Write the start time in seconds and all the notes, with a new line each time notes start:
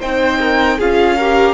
0.00 C4 D#4 C5 G5
0.41 A#4
0.78 C#4 F4 G#4 F5
1.17 G4 A#4